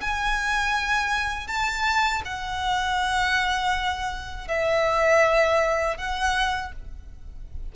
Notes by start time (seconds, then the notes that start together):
0.00 G#5
1.47 A5
2.25 F#5
4.47 E5
5.97 F#5